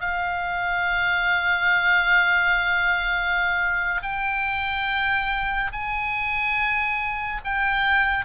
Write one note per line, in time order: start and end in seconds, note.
0.00 4.02 F5
4.02 5.71 G5
5.72 7.41 G#5
7.44 8.25 G5